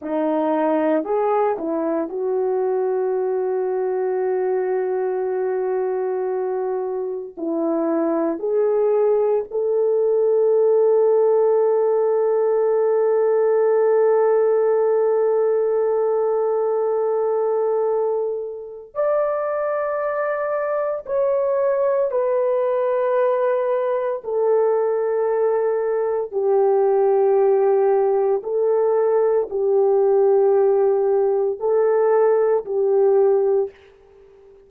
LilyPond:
\new Staff \with { instrumentName = "horn" } { \time 4/4 \tempo 4 = 57 dis'4 gis'8 e'8 fis'2~ | fis'2. e'4 | gis'4 a'2.~ | a'1~ |
a'2 d''2 | cis''4 b'2 a'4~ | a'4 g'2 a'4 | g'2 a'4 g'4 | }